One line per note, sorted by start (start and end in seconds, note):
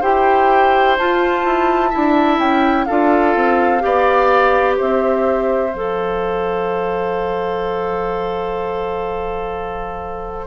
0.00 0.98 E4
0.00 0.97 G4
0.00 1.89 C5
0.00 0.97 G5
0.98 1.45 F4
0.98 1.91 F4
0.98 2.39 A5
1.45 1.92 E4
1.89 2.87 E4
1.89 2.85 E5
1.96 2.38 D4
2.38 2.86 C#4
2.38 2.84 G5
2.84 3.35 D4
2.84 3.79 F4
2.84 3.82 A4
2.84 4.75 F5
3.35 3.83 C4
3.79 4.79 B3
3.79 5.70 G4
3.79 4.76 D5
4.76 5.74 C4
4.76 10.47 C5
4.76 5.74 E5
5.74 10.47 F3
5.74 10.47 A4
5.74 10.47 F5